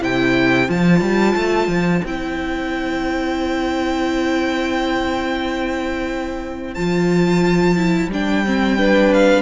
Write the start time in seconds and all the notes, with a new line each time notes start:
0.00 C3 E4 C5 G5
0.68 F3 F4 A5
1.00 G3
1.35 A3
1.67 F3
2.04 C4 E4 G5
6.74 F3 F4 A5
7.76 E4
8.06 G3 D4
8.13 G5
8.45 C4
8.78 D4 B4
9.13 F5